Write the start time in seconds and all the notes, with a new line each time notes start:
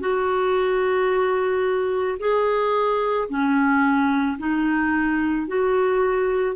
0.00 F#4
2.19 G#4
3.29 C#4
4.38 D#4
5.48 F#4